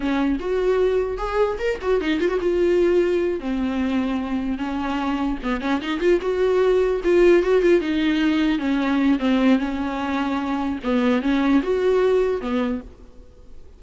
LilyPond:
\new Staff \with { instrumentName = "viola" } { \time 4/4 \tempo 4 = 150 cis'4 fis'2 gis'4 | ais'8 fis'8 dis'8 f'16 fis'16 f'2~ | f'8 c'2. cis'8~ | cis'4. b8 cis'8 dis'8 f'8 fis'8~ |
fis'4. f'4 fis'8 f'8 dis'8~ | dis'4. cis'4. c'4 | cis'2. b4 | cis'4 fis'2 b4 | }